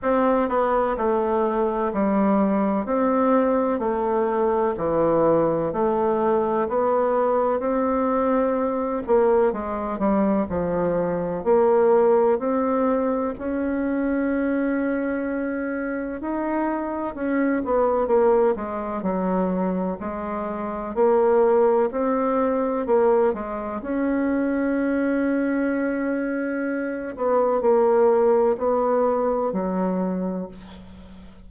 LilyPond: \new Staff \with { instrumentName = "bassoon" } { \time 4/4 \tempo 4 = 63 c'8 b8 a4 g4 c'4 | a4 e4 a4 b4 | c'4. ais8 gis8 g8 f4 | ais4 c'4 cis'2~ |
cis'4 dis'4 cis'8 b8 ais8 gis8 | fis4 gis4 ais4 c'4 | ais8 gis8 cis'2.~ | cis'8 b8 ais4 b4 fis4 | }